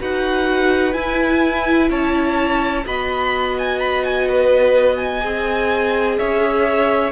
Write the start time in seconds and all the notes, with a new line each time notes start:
0.00 D#4 F#4 B4 F#5
0.93 E4 G#5
1.90 C#4 C#5 A5
2.86 B3 F#4 D#5 B5
3.59 G#5
3.80 B5
4.04 G#5
4.29 B4
4.97 G#5
5.21 C4 G#4
6.19 C#4 C#5 E5